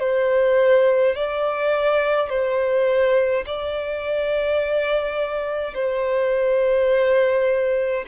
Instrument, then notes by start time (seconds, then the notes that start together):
violin
0.00 C5
1.15 D5
2.29 C5
3.46 D5
5.74 C5